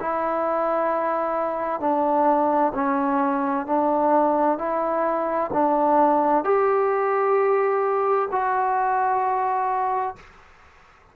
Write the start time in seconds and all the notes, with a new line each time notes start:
0.00 E4
1.80 D4
2.74 C#4
3.66 D4
4.58 E4
5.53 D4
6.44 G4
8.31 F#4